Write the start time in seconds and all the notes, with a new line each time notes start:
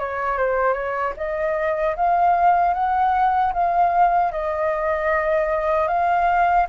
0.00 C#5
0.38 C5
0.74 C#5
1.17 D#5
1.97 F5
2.74 F#5
3.54 F5
4.32 D#5
5.89 F5